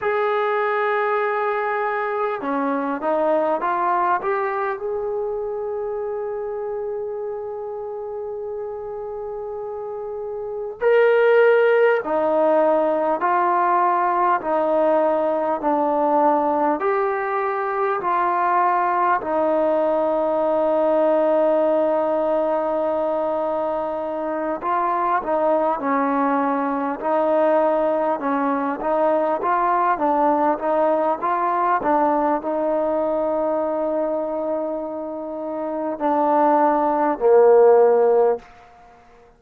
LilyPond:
\new Staff \with { instrumentName = "trombone" } { \time 4/4 \tempo 4 = 50 gis'2 cis'8 dis'8 f'8 g'8 | gis'1~ | gis'4 ais'4 dis'4 f'4 | dis'4 d'4 g'4 f'4 |
dis'1~ | dis'8 f'8 dis'8 cis'4 dis'4 cis'8 | dis'8 f'8 d'8 dis'8 f'8 d'8 dis'4~ | dis'2 d'4 ais4 | }